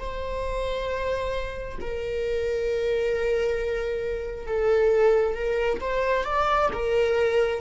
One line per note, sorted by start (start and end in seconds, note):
0.00 1.79 C5
1.81 4.47 A#4
4.47 5.35 A4
5.35 5.80 A#4
5.81 6.24 C5
6.24 6.69 D5
6.73 7.62 A#4